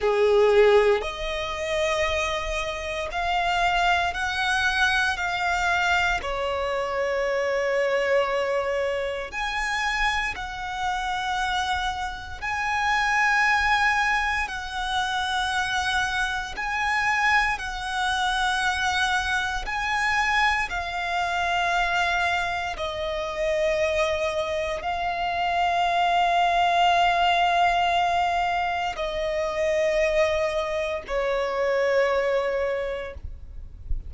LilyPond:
\new Staff \with { instrumentName = "violin" } { \time 4/4 \tempo 4 = 58 gis'4 dis''2 f''4 | fis''4 f''4 cis''2~ | cis''4 gis''4 fis''2 | gis''2 fis''2 |
gis''4 fis''2 gis''4 | f''2 dis''2 | f''1 | dis''2 cis''2 | }